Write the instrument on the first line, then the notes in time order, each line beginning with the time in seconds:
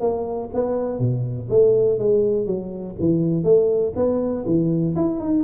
tuba
0.00 A#3
0.53 B3
0.99 B2
1.50 A3
1.98 G#3
2.46 F#3
3.00 E3
3.44 A3
3.96 B3
4.46 E3
4.96 E4
5.20 D#4